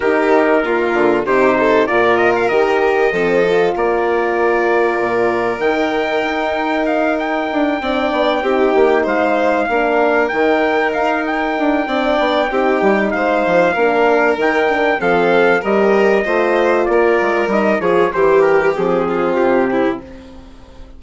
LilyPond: <<
  \new Staff \with { instrumentName = "trumpet" } { \time 4/4 \tempo 4 = 96 ais'2 c''4 d''8 dis''16 f''16 | dis''2 d''2~ | d''4 g''2 f''8 g''8~ | g''2~ g''8 f''4.~ |
f''8 g''4 f''8 g''2~ | g''4 f''2 g''4 | f''4 dis''2 d''4 | dis''8 cis''8 c''8 ais'8 gis'4 g'4 | }
  \new Staff \with { instrumentName = "violin" } { \time 4/4 g'4 f'4 g'8 a'8 ais'4~ | ais'4 a'4 ais'2~ | ais'1~ | ais'8 d''4 g'4 c''4 ais'8~ |
ais'2. d''4 | g'4 c''4 ais'2 | a'4 ais'4 c''4 ais'4~ | ais'8 gis'8 g'4. f'4 e'8 | }
  \new Staff \with { instrumentName = "horn" } { \time 4/4 dis'4 ais4 dis'4 f'4 | g'4 c'8 f'2~ f'8~ | f'4 dis'2.~ | dis'8 d'4 dis'2 d'8~ |
d'8 dis'2~ dis'8 d'4 | dis'2 d'4 dis'8 d'8 | c'4 g'4 f'2 | dis'8 f'8 g'4 c'2 | }
  \new Staff \with { instrumentName = "bassoon" } { \time 4/4 dis4. d8 c4 ais,4 | dis4 f4 ais2 | ais,4 dis4 dis'2 | d'8 c'8 b8 c'8 ais8 gis4 ais8~ |
ais8 dis4 dis'4 d'8 c'8 b8 | c'8 g8 gis8 f8 ais4 dis4 | f4 g4 a4 ais8 gis8 | g8 f8 e4 f4 c4 | }
>>